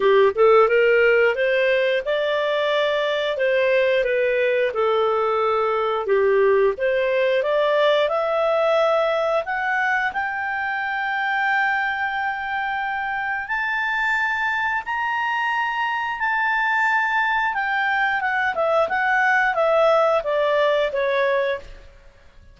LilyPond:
\new Staff \with { instrumentName = "clarinet" } { \time 4/4 \tempo 4 = 89 g'8 a'8 ais'4 c''4 d''4~ | d''4 c''4 b'4 a'4~ | a'4 g'4 c''4 d''4 | e''2 fis''4 g''4~ |
g''1 | a''2 ais''2 | a''2 g''4 fis''8 e''8 | fis''4 e''4 d''4 cis''4 | }